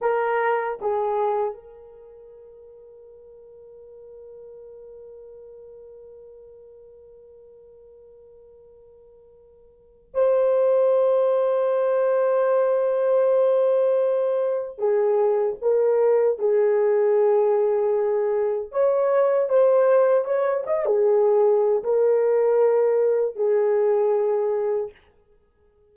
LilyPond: \new Staff \with { instrumentName = "horn" } { \time 4/4 \tempo 4 = 77 ais'4 gis'4 ais'2~ | ais'1~ | ais'1~ | ais'4 c''2.~ |
c''2. gis'4 | ais'4 gis'2. | cis''4 c''4 cis''8 dis''16 gis'4~ gis'16 | ais'2 gis'2 | }